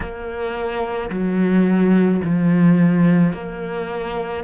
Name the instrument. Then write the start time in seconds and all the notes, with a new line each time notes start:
cello
0.00 A#3
1.10 F#3
2.24 F3
3.33 A#3